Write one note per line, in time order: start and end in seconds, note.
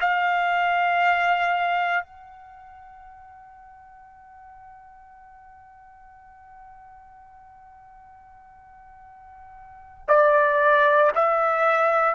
0.00 2.03 F5
2.03 10.05 F#5
10.08 11.11 D5
11.15 12.14 E5